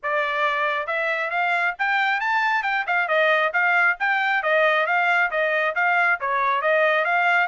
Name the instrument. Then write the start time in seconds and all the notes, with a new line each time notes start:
trumpet
0.03 D5
0.86 E5
1.30 F5
1.78 G5
2.20 A5
2.62 G5
2.86 F5
3.08 D#5
3.53 F5
3.99 G5
4.42 D#5
4.86 F5
5.30 D#5
5.75 F5
6.20 C#5
6.61 D#5
7.04 F5